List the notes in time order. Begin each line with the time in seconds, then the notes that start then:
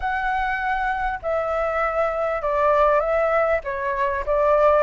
0.00 F#5
1.22 E5
2.41 D5
2.99 E5
3.64 C#5
4.26 D5